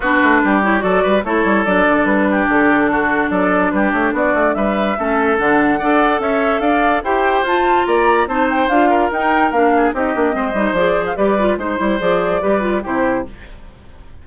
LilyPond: <<
  \new Staff \with { instrumentName = "flute" } { \time 4/4 \tempo 4 = 145 b'4. cis''8 d''4 cis''4 | d''4 b'4 a'2 | d''4 b'8 cis''8 d''4 e''4~ | e''4 fis''2 e''4 |
f''4 g''4 a''4 ais''4 | a''8 g''8 f''4 g''4 f''4 | dis''2 d''8. f''16 d''4 | c''4 d''2 c''4 | }
  \new Staff \with { instrumentName = "oboe" } { \time 4/4 fis'4 g'4 a'8 b'8 a'4~ | a'4. g'4. fis'4 | a'4 g'4 fis'4 b'4 | a'2 d''4 cis''4 |
d''4 c''2 d''4 | c''4. ais'2 gis'8 | g'4 c''2 b'4 | c''2 b'4 g'4 | }
  \new Staff \with { instrumentName = "clarinet" } { \time 4/4 d'4. e'8 fis'4 e'4 | d'1~ | d'1 | cis'4 d'4 a'2~ |
a'4 g'4 f'2 | dis'4 f'4 dis'4 d'4 | dis'8 d'8 c'8 dis'8 gis'4 g'8 f'8 | dis'8 e'8 gis'4 g'8 f'8 e'4 | }
  \new Staff \with { instrumentName = "bassoon" } { \time 4/4 b8 a8 g4 fis8 g8 a8 g8 | fis8 d8 g4 d2 | fis4 g8 a8 b8 a8 g4 | a4 d4 d'4 cis'4 |
d'4 e'4 f'4 ais4 | c'4 d'4 dis'4 ais4 | c'8 ais8 gis8 g8 f4 g4 | gis8 g8 f4 g4 c4 | }
>>